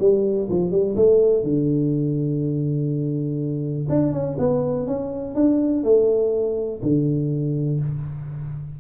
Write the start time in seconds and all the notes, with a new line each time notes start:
0.00 G3
0.50 F3
0.71 G3
0.96 A3
1.43 D3
3.89 D4
4.13 C#4
4.39 B3
4.87 C#4
5.35 D4
5.84 A3
6.83 D3